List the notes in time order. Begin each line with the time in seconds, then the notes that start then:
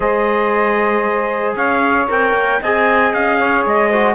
0.00 G#3 G#4 C5 D#5
1.56 C#4 C#5 F5
2.08 C4 A#4 G5
2.32 A#3
2.61 C4 G#4 D#5 G#5
3.13 C#4 F5
3.38 C#5
3.65 G#3 D#5
3.88 F#4 C5